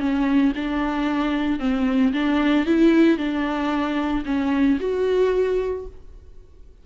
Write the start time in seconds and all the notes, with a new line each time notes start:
0.00 C#4
0.56 D4
1.60 C4
2.13 D4
2.66 E4
3.18 D4
4.26 C#4
4.80 F#4